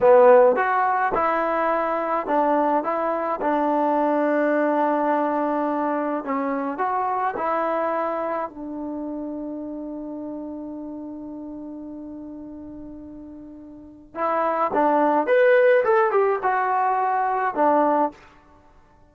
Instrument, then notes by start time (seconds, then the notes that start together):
trombone
0.00 B3
0.55 F#4
1.14 E4
2.26 D4
2.83 E4
3.41 D4
6.24 C#4
6.78 F#4
7.37 E4
8.49 D4
14.14 E4
14.73 D4
15.26 B4
15.84 A4
16.11 G4
16.42 F#4
17.54 D4